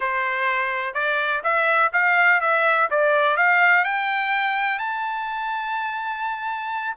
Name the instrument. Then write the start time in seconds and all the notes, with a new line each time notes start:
trumpet
0.00 C5
0.93 D5
1.43 E5
1.92 F5
2.40 E5
2.90 D5
3.36 F5
3.84 G5
4.78 A5